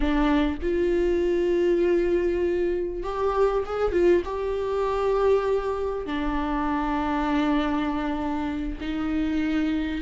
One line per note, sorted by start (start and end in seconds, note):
0.00 0.57 D4
0.61 3.03 F4
3.03 3.63 G4
3.65 3.91 G#4
3.91 4.22 F4
4.24 6.06 G4
6.06 8.78 D4
8.80 10.01 D#4